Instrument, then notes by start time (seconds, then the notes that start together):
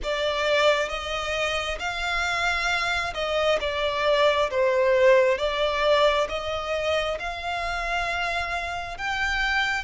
violin
0.03 D5
0.88 D#5
1.79 F5
3.13 D#5
3.60 D5
4.50 C5
5.38 D5
6.28 D#5
7.19 F5
8.98 G5